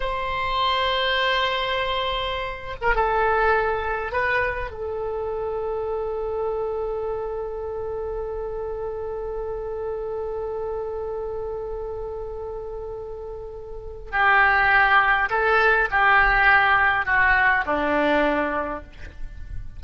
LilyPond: \new Staff \with { instrumentName = "oboe" } { \time 4/4 \tempo 4 = 102 c''1~ | c''8. ais'16 a'2 b'4 | a'1~ | a'1~ |
a'1~ | a'1 | g'2 a'4 g'4~ | g'4 fis'4 d'2 | }